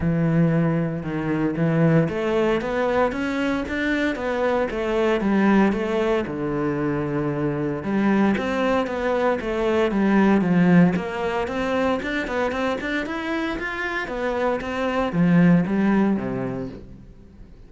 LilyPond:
\new Staff \with { instrumentName = "cello" } { \time 4/4 \tempo 4 = 115 e2 dis4 e4 | a4 b4 cis'4 d'4 | b4 a4 g4 a4 | d2. g4 |
c'4 b4 a4 g4 | f4 ais4 c'4 d'8 b8 | c'8 d'8 e'4 f'4 b4 | c'4 f4 g4 c4 | }